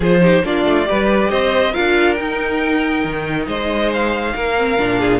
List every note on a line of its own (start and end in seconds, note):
0.00 0.42 F3
0.00 0.21 F4
0.00 0.21 G#4
0.00 0.45 C5
0.21 0.43 D#4
0.21 0.44 G4
0.43 0.65 A#3
0.43 0.84 D4
0.43 0.88 F4
0.43 1.30 D5
0.65 0.87 A3
0.84 1.71 G4
0.84 1.30 B4
0.91 1.30 G3
1.30 1.74 C4
1.30 1.72 C5
1.30 1.73 D#5
1.72 2.20 D4
1.72 2.16 F4
1.72 3.46 A#4
1.72 2.14 F5
2.14 4.55 D#4
2.14 3.04 D#4
2.14 3.44 G5
3.04 3.47 D#3
3.47 4.34 G#3
3.47 4.34 C5
3.47 3.92 D#5
3.93 5.20 F5
4.35 4.78 A#3
4.35 4.99 A#4
4.57 4.78 C4
4.78 5.20 A#2
4.78 5.20 D4
4.99 5.20 G#4